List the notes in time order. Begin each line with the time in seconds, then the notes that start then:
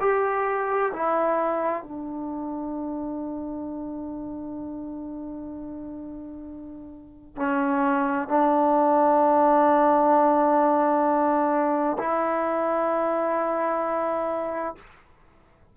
0.00 G4
0.93 E4
1.83 D4
7.36 C#4
8.28 D4
11.98 E4